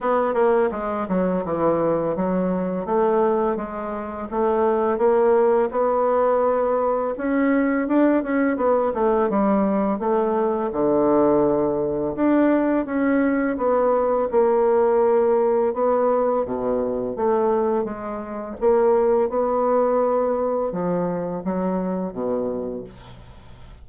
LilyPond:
\new Staff \with { instrumentName = "bassoon" } { \time 4/4 \tempo 4 = 84 b8 ais8 gis8 fis8 e4 fis4 | a4 gis4 a4 ais4 | b2 cis'4 d'8 cis'8 | b8 a8 g4 a4 d4~ |
d4 d'4 cis'4 b4 | ais2 b4 b,4 | a4 gis4 ais4 b4~ | b4 f4 fis4 b,4 | }